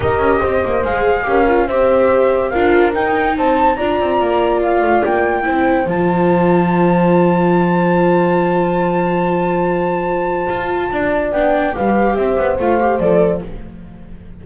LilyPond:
<<
  \new Staff \with { instrumentName = "flute" } { \time 4/4 \tempo 4 = 143 dis''2 f''2 | e''2 f''4 g''4 | a''4 ais''2 f''4 | g''2 a''2~ |
a''1~ | a''1~ | a''2. g''4 | f''4 e''4 f''4 d''4 | }
  \new Staff \with { instrumentName = "horn" } { \time 4/4 ais'4 c''2 ais'4 | c''2 ais'2 | c''4 d''2.~ | d''4 c''2.~ |
c''1~ | c''1~ | c''2 d''2 | b'4 c''2. | }
  \new Staff \with { instrumentName = "viola" } { \time 4/4 g'2 gis'4 g'8 f'8 | g'2 f'4 dis'4~ | dis'4 f'2.~ | f'4 e'4 f'2~ |
f'1~ | f'1~ | f'2. d'4 | g'2 f'8 g'8 a'4 | }
  \new Staff \with { instrumentName = "double bass" } { \time 4/4 dis'8 cis'8 c'8 ais8 gis4 cis'4 | c'2 d'4 dis'4 | c'4 d'8 c'8 ais4. a8 | ais4 c'4 f2~ |
f1~ | f1~ | f4 f'4 d'4 b4 | g4 c'8 b8 a4 f4 | }
>>